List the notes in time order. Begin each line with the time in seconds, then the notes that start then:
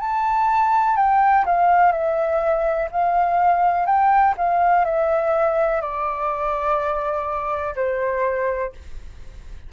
0.00 A5
0.97 G5
1.46 F5
1.92 E5
2.92 F5
3.86 G5
4.38 F5
4.85 E5
5.82 D5
7.76 C5